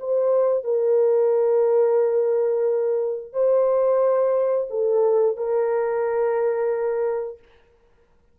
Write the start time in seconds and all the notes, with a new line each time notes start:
0.00 C5
0.64 A#4
3.33 C5
4.70 A4
5.37 A#4